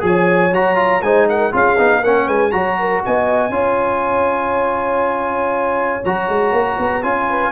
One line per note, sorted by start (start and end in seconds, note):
0.00 0.52 F3
0.00 0.50 G#4
0.00 0.54 G#5
0.06 1.04 C#5
0.52 1.02 F#3
0.52 0.75 F#4
0.52 1.02 A#5
0.75 1.00 F4
1.02 1.52 G#3
1.02 1.52 D#4
1.02 1.29 C5
1.02 1.27 G#5
1.29 1.54 A#4
1.29 1.54 F#5
1.52 1.79 C#4
1.52 1.77 F4
1.52 2.01 G#4
1.52 2.04 F5
1.78 2.04 B3
1.78 2.03 D#4
2.01 2.28 A#3
2.01 2.51 C#4
2.01 2.26 A#4
2.01 2.28 F#5
2.26 2.53 G#3
2.26 2.51 B4
2.26 2.51 G#5
2.51 3.03 F#3
2.51 3.51 F#4
2.51 2.79 C#5
2.51 3.01 A#5
2.79 3.04 A#4
3.05 3.49 B3
3.05 3.54 D#5
3.05 6.05 G#5
3.49 5.99 C#4
3.49 6.01 F4
3.49 7.29 C#5
6.05 6.29 F#3
6.05 7.03 F#4
6.05 7.03 A#5
6.29 6.52 G#3
6.52 6.77 A#3
6.79 7.04 B3
7.03 7.52 C#4
7.03 7.52 F4
7.03 7.52 G#5
7.29 7.52 B4